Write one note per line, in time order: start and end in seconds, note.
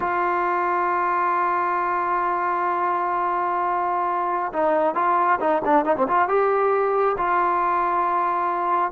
0.00 4.52 F4
4.53 4.95 D#4
4.95 5.39 F4
5.39 5.61 D#4
5.64 5.85 D4
5.85 5.96 D#4
5.96 6.07 C4
6.07 6.28 F4
6.28 7.16 G4
7.17 8.91 F4